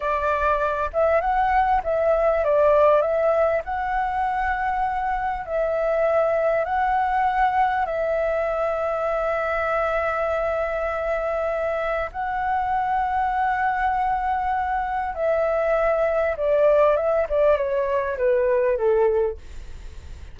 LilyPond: \new Staff \with { instrumentName = "flute" } { \time 4/4 \tempo 4 = 99 d''4. e''8 fis''4 e''4 | d''4 e''4 fis''2~ | fis''4 e''2 fis''4~ | fis''4 e''2.~ |
e''1 | fis''1~ | fis''4 e''2 d''4 | e''8 d''8 cis''4 b'4 a'4 | }